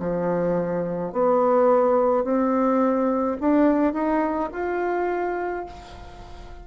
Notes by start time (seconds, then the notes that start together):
0.00 F3
1.13 B3
2.24 C4
3.41 D4
3.94 D#4
4.53 F4